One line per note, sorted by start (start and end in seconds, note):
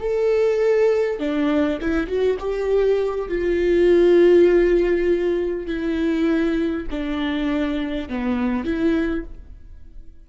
0.00 1.19 A4
1.19 1.79 D4
1.81 2.08 E4
2.08 2.38 F#4
2.39 3.29 G4
3.29 5.67 F4
5.67 6.87 E4
6.91 8.09 D4
8.09 8.65 B3
8.65 9.25 E4